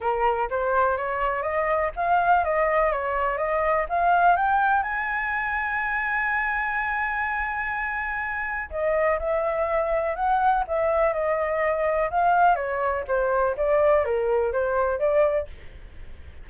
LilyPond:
\new Staff \with { instrumentName = "flute" } { \time 4/4 \tempo 4 = 124 ais'4 c''4 cis''4 dis''4 | f''4 dis''4 cis''4 dis''4 | f''4 g''4 gis''2~ | gis''1~ |
gis''2 dis''4 e''4~ | e''4 fis''4 e''4 dis''4~ | dis''4 f''4 cis''4 c''4 | d''4 ais'4 c''4 d''4 | }